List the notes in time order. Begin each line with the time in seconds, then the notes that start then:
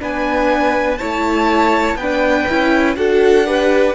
0.00 B3 D4 B4 G#5
0.99 A3 E4 C#5 A5
1.96 B3 B4 G5
2.02 D4
2.50 C#4 E4
2.96 D4 F#4 A4 F#5
3.46 G4 B4